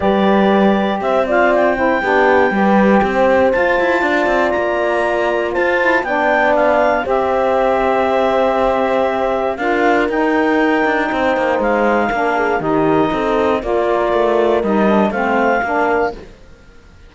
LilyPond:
<<
  \new Staff \with { instrumentName = "clarinet" } { \time 4/4 \tempo 4 = 119 d''2 e''8 f''8 g''4~ | g''2. a''4~ | a''4 ais''2 a''4 | g''4 f''4 e''2~ |
e''2. f''4 | g''2. f''4~ | f''4 dis''2 d''4~ | d''4 dis''4 f''2 | }
  \new Staff \with { instrumentName = "horn" } { \time 4/4 b'2 c''8 d''4 c''8 | g'4 b'4 c''2 | d''2. c''4 | d''2 c''2~ |
c''2. ais'4~ | ais'2 c''2 | ais'8 gis'8 g'4 a'4 ais'4~ | ais'2 c''4 ais'4 | }
  \new Staff \with { instrumentName = "saxophone" } { \time 4/4 g'2~ g'8 f'4 e'8 | d'4 g'2 f'4~ | f'2.~ f'8 e'8 | d'2 g'2~ |
g'2. f'4 | dis'1 | d'4 dis'2 f'4~ | f'4 dis'8 d'8 c'4 d'4 | }
  \new Staff \with { instrumentName = "cello" } { \time 4/4 g2 c'2 | b4 g4 c'4 f'8 e'8 | d'8 c'8 ais2 f'4 | b2 c'2~ |
c'2. d'4 | dis'4. d'8 c'8 ais8 gis4 | ais4 dis4 c'4 ais4 | a4 g4 a4 ais4 | }
>>